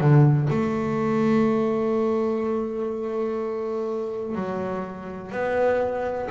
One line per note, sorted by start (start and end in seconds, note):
0.00 0.48 D3
0.50 4.35 A3
4.35 5.31 F#3
5.31 6.28 B3